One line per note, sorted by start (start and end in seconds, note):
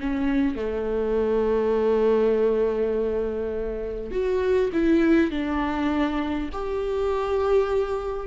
0.00 0.56 C#4
0.56 4.11 A3
4.11 4.71 F#4
4.73 5.31 E4
5.31 6.50 D4
6.53 8.27 G4